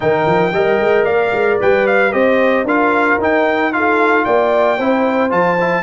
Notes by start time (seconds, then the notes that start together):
0.00 D#3 D#4 A#4 G5
0.26 F3
0.52 G3 A#4 D#5
0.80 G#3
1.04 A#3 D5 F5
1.32 G#3
1.60 G3 B4 G5
1.87 F5
2.12 C4 G4 C5 D#5
2.63 D4 F4 A#4 F5
3.17 D#4 G5
3.72 F4 A4 F5
4.24 A#3 D5 G5
4.77 C4 E4 C5
5.29 F3 F4 A5
5.60 E4